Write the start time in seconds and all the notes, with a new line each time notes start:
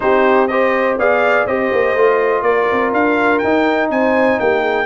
0.00 C4 D#4 G4 C5
0.47 G4 C5 D#5
0.97 B3 G#4 D5 F5
1.46 C4 G4 C5 D#5
1.71 A#3
1.94 A3 F4
2.42 A#3 A#4 D5
2.71 C4
2.92 D4 F5
3.38 D#4 G5
3.90 C4 C5 G#5
4.39 A#3 G4 G5
4.60 G#4